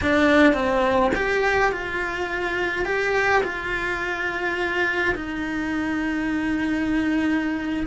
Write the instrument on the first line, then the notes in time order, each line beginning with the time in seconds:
cello
0.01 D4
0.53 C4
1.15 G4
1.72 F4
2.85 G4
3.43 F4
5.15 D#4